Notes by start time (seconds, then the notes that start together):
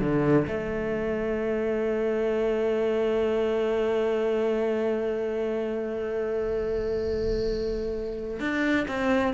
0.00 D3
0.47 A3
8.40 D4
8.88 C4